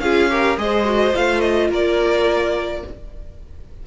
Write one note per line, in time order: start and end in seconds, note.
0.00 0.57 C#4
0.00 0.30 F4
0.00 0.31 G#4
0.00 0.57 F5
0.30 0.57 G4
0.30 0.60 A#4
0.57 1.14 G#3
0.57 0.85 G#4
0.57 1.70 C5
0.57 1.15 D#5
0.85 1.13 F#4
1.14 1.70 A3
1.14 2.84 F4
1.14 1.40 F5
1.40 1.69 D#5
1.70 2.83 A#3
1.70 2.83 A#4
1.70 2.87 D5